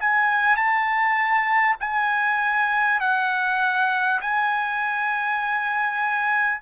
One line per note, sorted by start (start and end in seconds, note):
0.00 0.56 G#5
0.56 1.76 A5
1.81 3.01 G#5
3.01 4.21 F#5
4.21 6.61 G#5